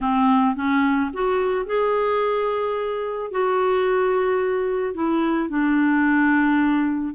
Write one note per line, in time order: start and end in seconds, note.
0.00 0.55 C4
0.55 1.10 C#4
1.13 1.66 F#4
1.66 3.31 G#4
3.31 4.94 F#4
4.94 5.49 E4
5.49 7.14 D4